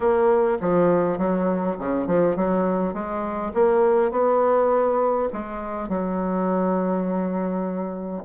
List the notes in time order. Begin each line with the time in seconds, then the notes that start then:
0.00 A#3
0.60 F3
1.18 F#3
1.78 C#3
2.06 F3
2.36 F#3
2.93 G#3
3.53 A#3
4.11 B3
5.32 G#3
5.88 F#3